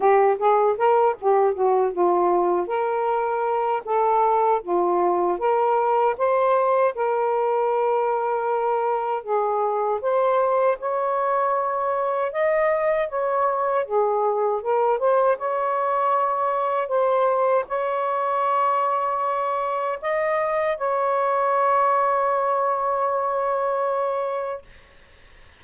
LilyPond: \new Staff \with { instrumentName = "saxophone" } { \time 4/4 \tempo 4 = 78 g'8 gis'8 ais'8 g'8 fis'8 f'4 ais'8~ | ais'4 a'4 f'4 ais'4 | c''4 ais'2. | gis'4 c''4 cis''2 |
dis''4 cis''4 gis'4 ais'8 c''8 | cis''2 c''4 cis''4~ | cis''2 dis''4 cis''4~ | cis''1 | }